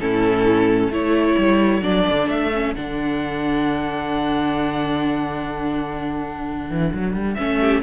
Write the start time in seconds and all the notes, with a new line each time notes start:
0.00 A2 C#4 E4 A4
0.89 A3 E4 A4 C#5
1.38 G3
1.81 F#3 D4 D5
2.09 D3
2.28 A3 E5
2.54 C#4
2.75 D3 D4 F#5
6.70 E3
6.94 F#3
7.14 G3
7.34 A3 C#4 E5
7.61 G4